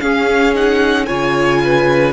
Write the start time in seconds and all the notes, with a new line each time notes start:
0.00 C#4 G#4 F5
0.55 D#4 F#5
1.06 C#3 F4 C#5 G#5
1.64 B4